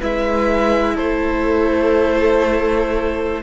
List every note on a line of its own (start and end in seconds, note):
0.00 0.98 G#3
0.00 3.43 E4
0.00 0.95 B4
0.00 0.97 E5
0.95 3.43 A3
0.95 3.41 A4
0.95 3.43 C5